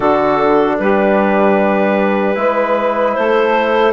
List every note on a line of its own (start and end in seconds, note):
0.00 0.78 D3
0.00 2.35 D4
0.00 0.78 F#4
0.00 0.77 A4
0.78 2.37 G3
0.78 2.38 G4
0.78 3.13 B4
2.35 3.15 G#3
2.35 3.93 E4
2.35 3.17 B4
3.13 3.93 A3
3.13 3.93 A4
3.13 3.92 C5